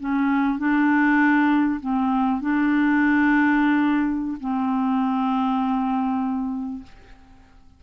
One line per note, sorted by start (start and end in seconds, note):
0.00 0.59 C#4
0.59 1.80 D4
1.80 2.41 C4
2.41 4.38 D4
4.40 6.83 C4